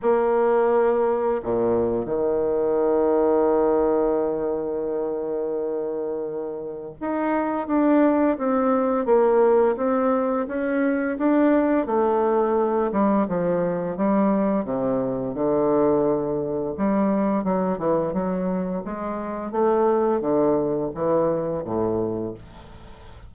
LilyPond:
\new Staff \with { instrumentName = "bassoon" } { \time 4/4 \tempo 4 = 86 ais2 ais,4 dis4~ | dis1~ | dis2 dis'4 d'4 | c'4 ais4 c'4 cis'4 |
d'4 a4. g8 f4 | g4 c4 d2 | g4 fis8 e8 fis4 gis4 | a4 d4 e4 a,4 | }